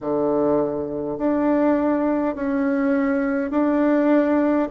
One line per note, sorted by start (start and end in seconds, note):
0.00 1.18 D3
1.18 2.35 D4
2.35 3.50 C#4
3.50 4.68 D4